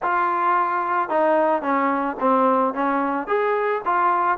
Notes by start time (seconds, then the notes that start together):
0.02 F4
1.09 D#4
1.62 C#4
2.20 C4
2.74 C#4
3.27 G#4
3.85 F4